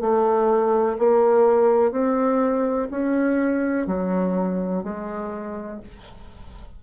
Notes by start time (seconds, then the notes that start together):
0.00 A3
0.98 A#3
1.91 C4
2.90 C#4
3.86 F#3
4.83 G#3